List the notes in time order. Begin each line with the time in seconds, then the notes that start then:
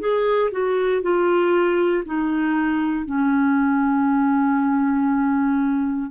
0.00 G#4
0.52 F#4
1.03 F4
2.05 D#4
3.06 C#4